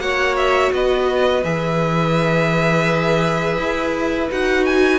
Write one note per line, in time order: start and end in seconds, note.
0.00 0.72 A#3
0.00 1.43 F#4
0.00 0.73 C#5
0.00 0.36 F#5
0.37 0.72 E5
0.72 1.44 B3
0.72 5.00 B4
0.72 1.44 D#5
1.44 3.58 E3
1.44 4.30 G#4
1.44 4.30 E5
3.58 4.30 E4
4.31 5.00 D#4
4.31 5.00 F#4
4.31 4.66 F#5
4.66 5.00 G#5